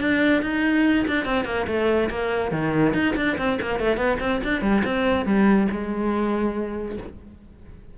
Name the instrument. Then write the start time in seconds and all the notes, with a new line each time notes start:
cello
0.00 D4
0.42 D#4
1.07 D4
1.25 C4
1.45 A#3
1.67 A3
2.10 A#3
2.51 D#3
2.94 D#4
3.16 D4
3.38 C4
3.61 A#3
3.80 A3
3.97 B3
4.20 C4
4.44 D4
4.62 G3
4.85 C4
5.26 G3
5.71 G#3